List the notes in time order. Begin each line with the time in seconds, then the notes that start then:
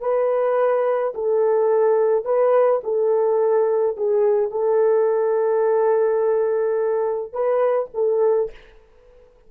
0.00 B4
1.14 A4
2.24 B4
2.83 A4
3.96 G#4
4.51 A4
7.32 B4
7.94 A4